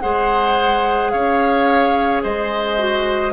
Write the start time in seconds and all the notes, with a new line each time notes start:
0.00 G#3 G#4 C5 F#5
1.11 C#4 C#5 F5
2.23 G#3 C5 D#5
2.78 F#4